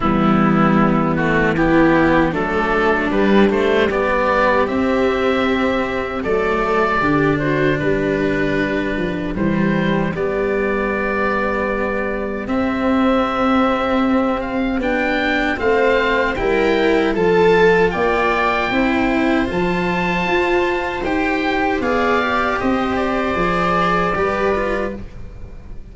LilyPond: <<
  \new Staff \with { instrumentName = "oboe" } { \time 4/4 \tempo 4 = 77 e'4. fis'8 g'4 a'4 | b'8 c''8 d''4 e''2 | d''4. c''8 b'2 | c''4 d''2. |
e''2~ e''8 f''8 g''4 | f''4 g''4 a''4 g''4~ | g''4 a''2 g''4 | f''4 dis''8 d''2~ d''8 | }
  \new Staff \with { instrumentName = "viola" } { \time 4/4 b2 e'4 d'4~ | d'4 g'2. | a'4 g'8 fis'8 g'2~ | g'1~ |
g'1 | c''4 ais'4 a'4 d''4 | c''1 | d''4 c''2 b'4 | }
  \new Staff \with { instrumentName = "cello" } { \time 4/4 g4. a8 b4 a4 | g8 a8 b4 c'2 | a4 d'2. | g4 b2. |
c'2. d'4 | c'4 e'4 f'2 | e'4 f'2 g'4 | gis'8 g'4. gis'4 g'8 f'8 | }
  \new Staff \with { instrumentName = "tuba" } { \time 4/4 e2. fis4 | g2 c'2 | fis4 d4 g4. f8 | e4 g2. |
c'2. b4 | a4 g4 f4 ais4 | c'4 f4 f'4 dis'4 | b4 c'4 f4 g4 | }
>>